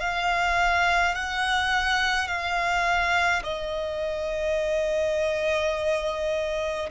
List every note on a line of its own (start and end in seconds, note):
0.00 1.15 F5
1.15 2.28 F#5
2.28 3.43 F5
3.44 6.90 D#5